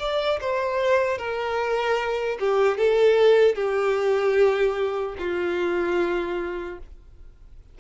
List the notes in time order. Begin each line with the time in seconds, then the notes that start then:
0.00 D5
0.41 C5
1.19 A#4
2.40 G4
2.78 A4
3.56 G4
5.19 F4